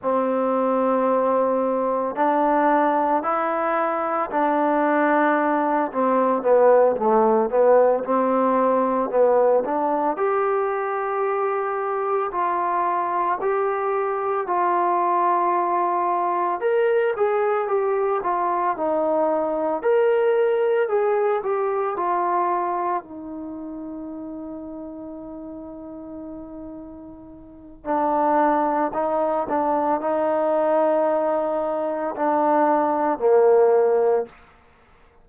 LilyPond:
\new Staff \with { instrumentName = "trombone" } { \time 4/4 \tempo 4 = 56 c'2 d'4 e'4 | d'4. c'8 b8 a8 b8 c'8~ | c'8 b8 d'8 g'2 f'8~ | f'8 g'4 f'2 ais'8 |
gis'8 g'8 f'8 dis'4 ais'4 gis'8 | g'8 f'4 dis'2~ dis'8~ | dis'2 d'4 dis'8 d'8 | dis'2 d'4 ais4 | }